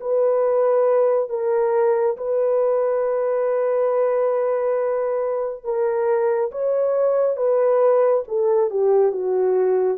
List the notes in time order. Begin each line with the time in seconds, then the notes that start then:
0.00 B4
1.30 A#4
2.17 B4
5.64 A#4
6.51 C#5
7.36 B4
8.28 A4
8.70 G4
9.11 F#4